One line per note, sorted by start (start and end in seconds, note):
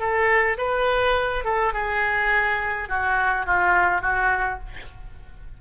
0.00 0.58 A4
0.58 1.45 B4
1.45 1.74 A4
1.74 2.89 G#4
2.90 3.46 F#4
3.46 4.02 F4
4.02 4.59 F#4